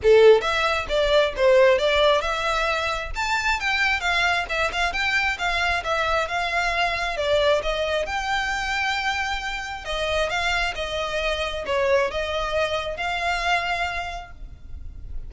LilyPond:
\new Staff \with { instrumentName = "violin" } { \time 4/4 \tempo 4 = 134 a'4 e''4 d''4 c''4 | d''4 e''2 a''4 | g''4 f''4 e''8 f''8 g''4 | f''4 e''4 f''2 |
d''4 dis''4 g''2~ | g''2 dis''4 f''4 | dis''2 cis''4 dis''4~ | dis''4 f''2. | }